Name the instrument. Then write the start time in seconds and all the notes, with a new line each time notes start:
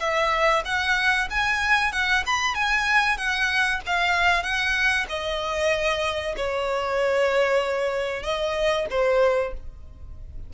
violin
0.00 E5
0.65 F#5
1.30 G#5
1.92 F#5
2.27 B5
2.55 G#5
3.18 F#5
3.86 F5
4.43 F#5
5.09 D#5
6.37 C#5
8.23 D#5
8.90 C5